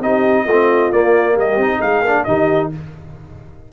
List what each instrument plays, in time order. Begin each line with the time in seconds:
0.00 tuba C4, trombone D#4, horn G4, trumpet D#5
0.45 tuba A3, horn F4
0.51 trombone C4
0.92 tuba A#3, trombone A#3, trumpet D5
1.34 tuba G3, horn G4, trumpet D#5
1.57 tuba C4, trombone D#4
1.77 tuba G#3, horn G#4, trumpet F5
2.02 tuba A#3, trombone D4
2.24 tuba D#3, trombone D#4, horn G4, trumpet D#5